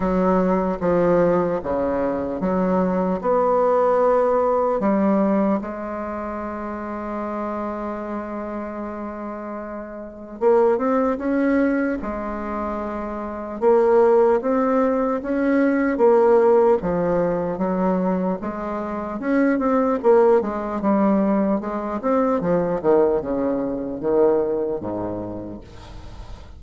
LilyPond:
\new Staff \with { instrumentName = "bassoon" } { \time 4/4 \tempo 4 = 75 fis4 f4 cis4 fis4 | b2 g4 gis4~ | gis1~ | gis4 ais8 c'8 cis'4 gis4~ |
gis4 ais4 c'4 cis'4 | ais4 f4 fis4 gis4 | cis'8 c'8 ais8 gis8 g4 gis8 c'8 | f8 dis8 cis4 dis4 gis,4 | }